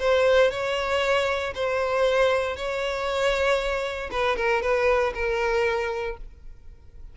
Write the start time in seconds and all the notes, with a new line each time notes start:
0.00 C5
0.51 C#5
1.55 C5
2.57 C#5
4.11 B4
4.37 A#4
4.62 B4
5.15 A#4